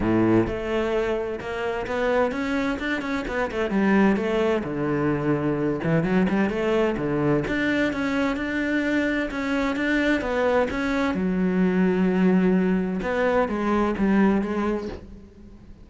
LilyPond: \new Staff \with { instrumentName = "cello" } { \time 4/4 \tempo 4 = 129 a,4 a2 ais4 | b4 cis'4 d'8 cis'8 b8 a8 | g4 a4 d2~ | d8 e8 fis8 g8 a4 d4 |
d'4 cis'4 d'2 | cis'4 d'4 b4 cis'4 | fis1 | b4 gis4 g4 gis4 | }